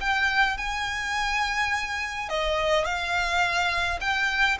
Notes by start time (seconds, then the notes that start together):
0.00 G5
0.57 G#5
2.29 D#5
2.85 F5
4.00 G5